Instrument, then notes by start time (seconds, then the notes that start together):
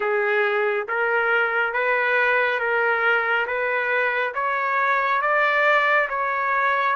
trumpet
0.00 G#4
0.88 A#4
1.73 B4
2.59 A#4
3.46 B4
4.34 C#5
5.21 D5
6.09 C#5